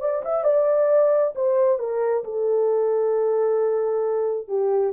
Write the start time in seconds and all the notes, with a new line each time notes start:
0.00 D5
0.25 E5
0.44 D5
1.35 C5
1.79 A#4
2.24 A4
4.48 G4